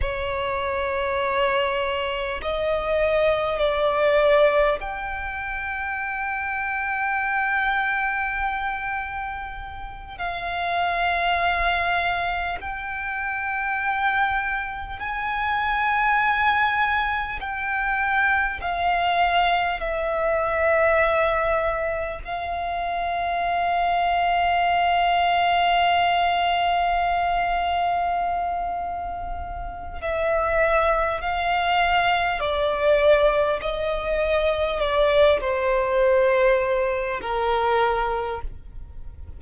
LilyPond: \new Staff \with { instrumentName = "violin" } { \time 4/4 \tempo 4 = 50 cis''2 dis''4 d''4 | g''1~ | g''8 f''2 g''4.~ | g''8 gis''2 g''4 f''8~ |
f''8 e''2 f''4.~ | f''1~ | f''4 e''4 f''4 d''4 | dis''4 d''8 c''4. ais'4 | }